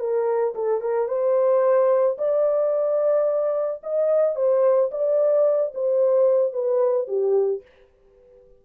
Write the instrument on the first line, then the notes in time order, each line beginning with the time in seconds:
horn
0.00 A#4
0.56 A4
0.81 A#4
1.08 C5
2.19 D5
3.84 D#5
4.36 C5
4.92 D5
5.75 C5
6.54 B4
7.08 G4